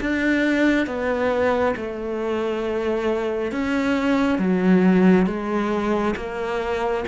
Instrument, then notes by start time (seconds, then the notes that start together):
cello
0.00 D4
0.86 B3
1.76 A3
3.52 C#4
4.38 F#3
5.26 G#3
6.16 A#3